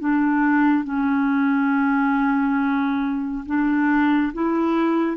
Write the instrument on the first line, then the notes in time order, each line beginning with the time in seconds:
clarinet
0.00 D4
0.84 C#4
3.46 D4
4.34 E4